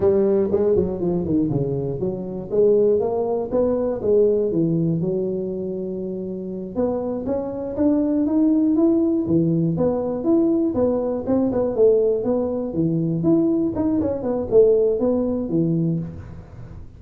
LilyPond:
\new Staff \with { instrumentName = "tuba" } { \time 4/4 \tempo 4 = 120 g4 gis8 fis8 f8 dis8 cis4 | fis4 gis4 ais4 b4 | gis4 e4 fis2~ | fis4. b4 cis'4 d'8~ |
d'8 dis'4 e'4 e4 b8~ | b8 e'4 b4 c'8 b8 a8~ | a8 b4 e4 e'4 dis'8 | cis'8 b8 a4 b4 e4 | }